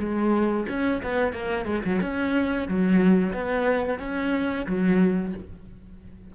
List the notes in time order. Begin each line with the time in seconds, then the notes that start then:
0.00 G#3
0.69 C#4
1.03 B3
1.33 A#3
1.66 G#3
1.86 F#3
2.02 C#4
2.69 F#3
3.34 B3
4.00 C#4
4.67 F#3